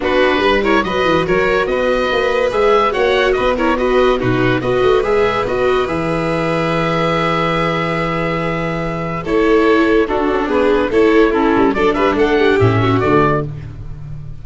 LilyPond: <<
  \new Staff \with { instrumentName = "oboe" } { \time 4/4 \tempo 4 = 143 b'4. cis''8 dis''4 cis''4 | dis''2 e''4 fis''4 | dis''8 cis''8 dis''4 b'4 dis''4 | e''4 dis''4 e''2~ |
e''1~ | e''2 cis''2 | a'4 b'4 cis''4 a'4 | d''8 e''8 fis''4 e''4 d''4 | }
  \new Staff \with { instrumentName = "violin" } { \time 4/4 fis'4 b'8 ais'8 b'4 ais'4 | b'2. cis''4 | b'8 ais'8 b'4 fis'4 b'4~ | b'1~ |
b'1~ | b'2 a'2 | fis'4 gis'4 a'4 e'4 | a'8 b'8 a'8 g'4 fis'4. | }
  \new Staff \with { instrumentName = "viola" } { \time 4/4 d'4. e'8 fis'2~ | fis'2 gis'4 fis'4~ | fis'8 e'8 fis'4 dis'4 fis'4 | gis'4 fis'4 gis'2~ |
gis'1~ | gis'2 e'2 | d'2 e'4 cis'4 | d'2 cis'4 a4 | }
  \new Staff \with { instrumentName = "tuba" } { \time 4/4 b4 g4 fis8 e8 fis4 | b4 ais4 gis4 ais4 | b2 b,4 b8 a8 | gis4 b4 e2~ |
e1~ | e2 a2 | d'8 cis'8 b4 a4. g8 | fis8 g8 a4 a,4 d4 | }
>>